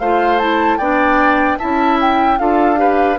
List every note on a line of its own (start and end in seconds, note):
0.00 0.79 A3
0.00 0.40 F4
0.00 0.79 C5
0.00 0.39 F5
0.39 0.80 E4
0.39 0.78 A5
0.78 1.59 B3
0.78 1.60 D4
0.78 1.59 D5
0.78 1.58 G5
1.59 2.40 C#4
1.59 2.39 E4
1.59 2.39 E5
1.59 1.99 A5
2.01 2.39 G5
2.39 3.20 D4
2.39 2.77 F4
2.39 2.80 A4
2.39 3.19 F5
2.77 3.17 G4
2.77 3.20 B4